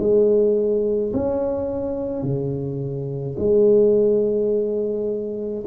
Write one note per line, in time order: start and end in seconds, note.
0.00 1.13 G#3
1.14 2.23 C#4
2.23 3.37 C#3
3.39 5.65 G#3